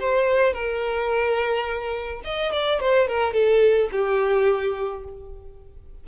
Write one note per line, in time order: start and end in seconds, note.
0.00 0.54 C5
0.54 2.22 A#4
2.25 2.52 D#5
2.52 2.80 D5
2.80 3.08 C5
3.08 3.33 A#4
3.33 3.89 A4
3.92 5.04 G4